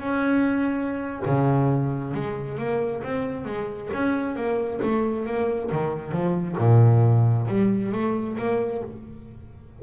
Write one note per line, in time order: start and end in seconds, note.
0.00 1.22 C#4
1.26 2.14 C#3
2.14 2.58 G#3
2.58 3.03 A#3
3.03 3.45 C4
3.45 3.90 G#3
3.94 4.36 C#4
4.36 4.80 A#3
4.83 5.26 A3
5.26 5.71 A#3
5.72 6.12 D#3
6.12 6.56 F3
6.58 7.47 A#2
7.48 7.92 G3
7.92 8.37 A3
8.38 8.82 A#3